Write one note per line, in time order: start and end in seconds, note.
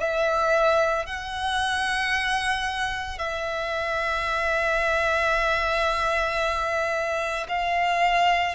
0.00 1.06 E5
1.06 3.18 F#5
3.18 7.47 E5
7.49 8.55 F5